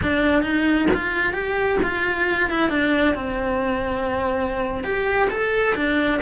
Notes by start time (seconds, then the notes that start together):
0.02 D4
0.42 D#4
0.94 F4
1.33 G4
1.82 F4
2.50 E4
2.69 D4
3.15 C4
4.84 G4
5.29 A4
5.75 D4